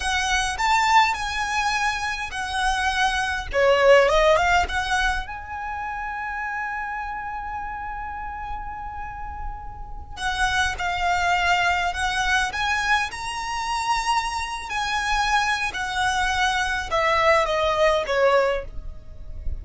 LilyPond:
\new Staff \with { instrumentName = "violin" } { \time 4/4 \tempo 4 = 103 fis''4 a''4 gis''2 | fis''2 cis''4 dis''8 f''8 | fis''4 gis''2.~ | gis''1~ |
gis''4. fis''4 f''4.~ | f''8 fis''4 gis''4 ais''4.~ | ais''4~ ais''16 gis''4.~ gis''16 fis''4~ | fis''4 e''4 dis''4 cis''4 | }